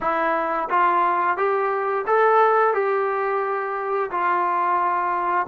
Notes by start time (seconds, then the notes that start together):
0.00 E4
0.69 F4
1.37 G4
2.06 A4
2.73 G4
4.10 F4